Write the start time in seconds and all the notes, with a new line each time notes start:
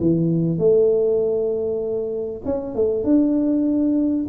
0.00 E3
0.58 A3
2.45 C#4
2.75 A3
3.03 D4